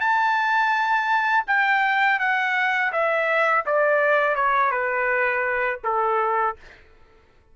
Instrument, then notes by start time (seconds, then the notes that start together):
trumpet
0.00 A5
1.47 G5
2.19 F#5
2.92 E5
3.66 D5
4.35 C#5
4.71 B4
5.84 A4